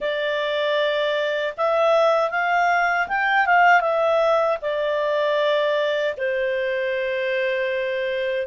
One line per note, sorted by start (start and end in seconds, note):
0.00 1.54 D5
1.57 2.30 E5
2.30 3.07 F5
3.08 3.46 G5
3.46 3.80 F5
3.80 4.57 E5
4.61 6.15 D5
6.17 8.46 C5